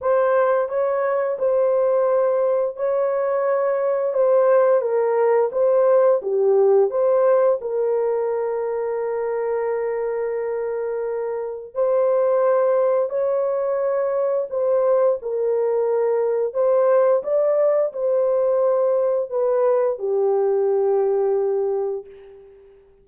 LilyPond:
\new Staff \with { instrumentName = "horn" } { \time 4/4 \tempo 4 = 87 c''4 cis''4 c''2 | cis''2 c''4 ais'4 | c''4 g'4 c''4 ais'4~ | ais'1~ |
ais'4 c''2 cis''4~ | cis''4 c''4 ais'2 | c''4 d''4 c''2 | b'4 g'2. | }